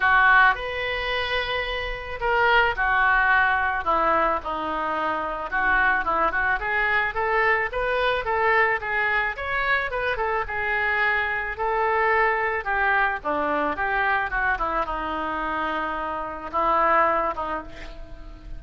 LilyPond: \new Staff \with { instrumentName = "oboe" } { \time 4/4 \tempo 4 = 109 fis'4 b'2. | ais'4 fis'2 e'4 | dis'2 fis'4 e'8 fis'8 | gis'4 a'4 b'4 a'4 |
gis'4 cis''4 b'8 a'8 gis'4~ | gis'4 a'2 g'4 | d'4 g'4 fis'8 e'8 dis'4~ | dis'2 e'4. dis'8 | }